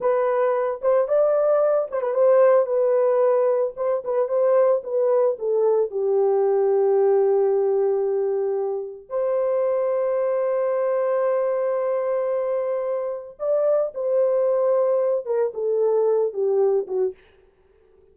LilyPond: \new Staff \with { instrumentName = "horn" } { \time 4/4 \tempo 4 = 112 b'4. c''8 d''4. c''16 b'16 | c''4 b'2 c''8 b'8 | c''4 b'4 a'4 g'4~ | g'1~ |
g'4 c''2.~ | c''1~ | c''4 d''4 c''2~ | c''8 ais'8 a'4. g'4 fis'8 | }